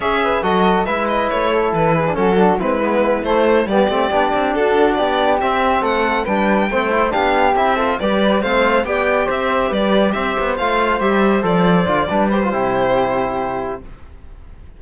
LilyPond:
<<
  \new Staff \with { instrumentName = "violin" } { \time 4/4 \tempo 4 = 139 e''4 dis''4 e''8 dis''8 cis''4 | b'4 a'4 b'4. c''8~ | c''8 d''2 a'4 d''8~ | d''8 e''4 fis''4 g''4.~ |
g''8 f''4 e''4 d''4 f''8~ | f''8 g''4 e''4 d''4 e''8~ | e''8 f''4 e''4 d''4.~ | d''8 c''2.~ c''8 | }
  \new Staff \with { instrumentName = "flute" } { \time 4/4 cis''8 b'8 a'4 b'4. a'8~ | a'8 gis'8 fis'4 e'2~ | e'8 g'2 fis'4 g'8~ | g'4. a'4 b'4 c''8~ |
c''8 g'4. a'8 b'4 c''8~ | c''8 d''4 c''4 b'4 c''8~ | c''1 | b'4 g'2. | }
  \new Staff \with { instrumentName = "trombone" } { \time 4/4 gis'4 fis'4 e'2~ | e'8. d'16 cis'8 d'8 c'8 b4 a8~ | a8 b8 c'8 d'2~ d'8~ | d'8 c'2 d'4 c'8 |
e'8 d'4 e'8 f'8 g'4 c'8~ | c'8 g'2.~ g'8~ | g'8 f'4 g'4 a'4 f'8 | d'8 g'16 f'16 e'2. | }
  \new Staff \with { instrumentName = "cello" } { \time 4/4 cis'4 fis4 gis4 a4 | e4 fis4 gis4. a8~ | a8 g8 a8 b8 c'8 d'4 b8~ | b8 c'4 a4 g4 a8~ |
a8 b4 c'4 g4 a8~ | a8 b4 c'4 g4 c'8 | b8 a4 g4 f4 d8 | g4 c2. | }
>>